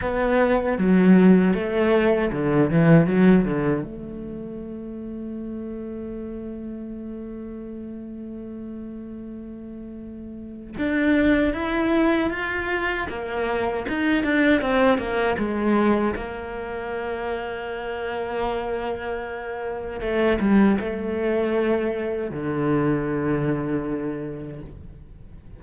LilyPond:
\new Staff \with { instrumentName = "cello" } { \time 4/4 \tempo 4 = 78 b4 fis4 a4 d8 e8 | fis8 d8 a2.~ | a1~ | a2 d'4 e'4 |
f'4 ais4 dis'8 d'8 c'8 ais8 | gis4 ais2.~ | ais2 a8 g8 a4~ | a4 d2. | }